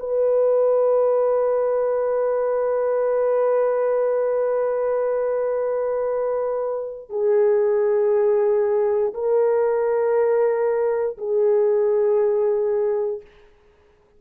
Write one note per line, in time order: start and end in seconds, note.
0.00 7.10 B4
7.10 9.13 G#4
9.14 11.18 A#4
11.18 13.22 G#4